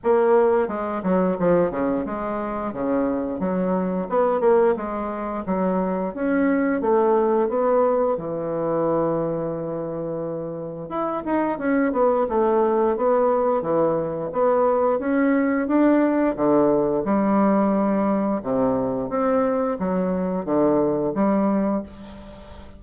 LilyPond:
\new Staff \with { instrumentName = "bassoon" } { \time 4/4 \tempo 4 = 88 ais4 gis8 fis8 f8 cis8 gis4 | cis4 fis4 b8 ais8 gis4 | fis4 cis'4 a4 b4 | e1 |
e'8 dis'8 cis'8 b8 a4 b4 | e4 b4 cis'4 d'4 | d4 g2 c4 | c'4 fis4 d4 g4 | }